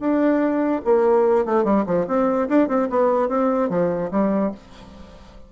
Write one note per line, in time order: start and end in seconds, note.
0.00 0.82 D4
0.85 1.46 A#3
1.46 1.65 A3
1.65 1.85 G3
1.86 2.07 F3
2.07 2.48 C4
2.49 2.69 D4
2.69 2.89 C4
2.90 3.29 B3
3.29 3.70 C4
3.70 4.11 F3
4.11 4.52 G3